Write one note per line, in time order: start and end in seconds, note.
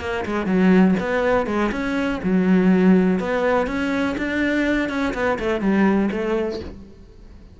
0.00 0.24 A#3
0.25 0.46 G#3
0.46 0.94 F#3
0.99 1.46 B3
1.46 1.70 G#3
1.71 2.20 C#4
2.23 3.19 F#3
3.19 3.67 B3
3.67 4.15 C#4
4.17 4.89 D4
4.89 5.13 C#4
5.14 5.38 B3
5.39 5.61 A3
5.61 6.09 G3
6.11 6.59 A3